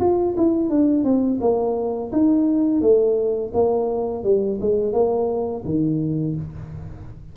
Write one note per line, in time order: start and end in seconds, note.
0.00 0.35 F4
0.37 0.70 E4
0.70 1.04 D4
1.04 1.40 C4
1.41 2.11 A#3
2.12 2.81 D#4
2.81 3.52 A3
3.54 4.24 A#3
4.24 4.59 G3
4.61 4.93 G#3
4.93 5.63 A#3
5.65 6.36 D#3